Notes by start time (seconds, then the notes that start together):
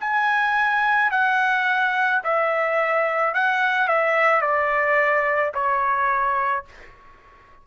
0.00 G#5
1.11 F#5
2.24 E5
3.34 F#5
3.87 E5
4.41 D5
5.54 C#5